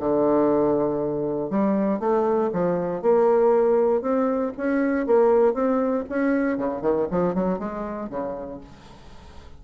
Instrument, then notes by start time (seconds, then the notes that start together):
bassoon
0.00 D3
1.50 G3
2.00 A3
2.53 F3
3.02 A#3
4.02 C4
4.58 C#4
5.07 A#3
5.54 C4
6.09 C#4
6.58 C#3
6.82 D#3
7.11 F3
7.35 F#3
7.59 G#3
8.10 C#3